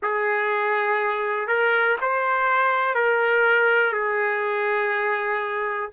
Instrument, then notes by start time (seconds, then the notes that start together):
trumpet
0.02 G#4
1.47 A#4
2.01 C5
2.94 A#4
3.93 G#4